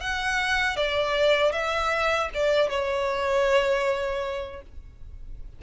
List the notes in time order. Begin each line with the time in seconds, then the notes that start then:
0.00 F#5
0.76 D5
1.52 E5
2.34 D5
2.69 C#5